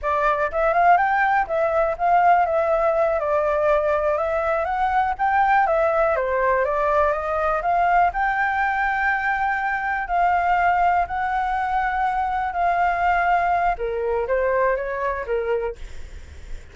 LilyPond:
\new Staff \with { instrumentName = "flute" } { \time 4/4 \tempo 4 = 122 d''4 e''8 f''8 g''4 e''4 | f''4 e''4. d''4.~ | d''8 e''4 fis''4 g''4 e''8~ | e''8 c''4 d''4 dis''4 f''8~ |
f''8 g''2.~ g''8~ | g''8 f''2 fis''4.~ | fis''4. f''2~ f''8 | ais'4 c''4 cis''4 ais'4 | }